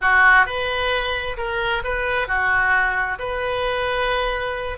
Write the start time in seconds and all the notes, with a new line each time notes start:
0.01 F#4
0.46 B4
1.37 A#4
1.83 B4
2.27 F#4
3.18 B4